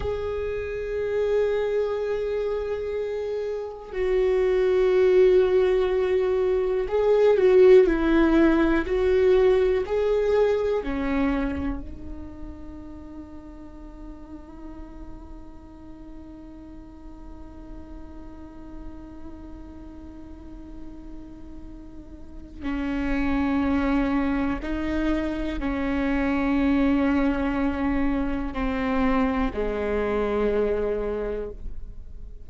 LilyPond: \new Staff \with { instrumentName = "viola" } { \time 4/4 \tempo 4 = 61 gis'1 | fis'2. gis'8 fis'8 | e'4 fis'4 gis'4 cis'4 | dis'1~ |
dis'1~ | dis'2. cis'4~ | cis'4 dis'4 cis'2~ | cis'4 c'4 gis2 | }